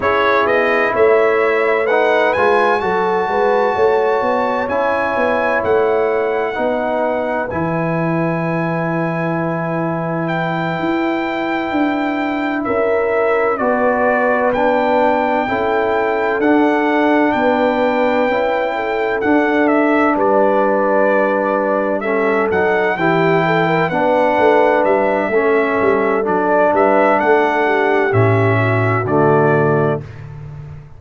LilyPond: <<
  \new Staff \with { instrumentName = "trumpet" } { \time 4/4 \tempo 4 = 64 cis''8 dis''8 e''4 fis''8 gis''8 a''4~ | a''4 gis''4 fis''2 | gis''2. g''4~ | g''4. e''4 d''4 g''8~ |
g''4. fis''4 g''4.~ | g''8 fis''8 e''8 d''2 e''8 | fis''8 g''4 fis''4 e''4. | d''8 e''8 fis''4 e''4 d''4 | }
  \new Staff \with { instrumentName = "horn" } { \time 4/4 gis'4 cis''4 b'4 a'8 b'8 | cis''2. b'4~ | b'1~ | b'4. ais'4 b'4.~ |
b'8 a'2 b'4. | a'4. b'2 a'8~ | a'8 g'8 a'16 ais'16 b'4. a'4~ | a'8 b'8 a'8 g'4 fis'4. | }
  \new Staff \with { instrumentName = "trombone" } { \time 4/4 e'2 dis'8 f'8 fis'4~ | fis'4 e'2 dis'4 | e'1~ | e'2~ e'8 fis'4 d'8~ |
d'8 e'4 d'2 e'8~ | e'8 d'2. cis'8 | dis'8 e'4 d'4. cis'4 | d'2 cis'4 a4 | }
  \new Staff \with { instrumentName = "tuba" } { \time 4/4 cis'8 b8 a4. gis8 fis8 gis8 | a8 b8 cis'8 b8 a4 b4 | e2.~ e8 e'8~ | e'8 d'4 cis'4 b4.~ |
b8 cis'4 d'4 b4 cis'8~ | cis'8 d'4 g2~ g8 | fis8 e4 b8 a8 g8 a8 g8 | fis8 g8 a4 a,4 d4 | }
>>